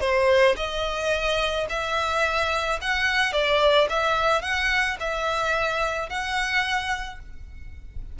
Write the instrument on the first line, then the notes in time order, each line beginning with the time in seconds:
violin
0.00 C5
0.56 D#5
1.69 E5
2.81 F#5
3.33 D5
3.89 E5
4.42 F#5
5.00 E5
6.09 F#5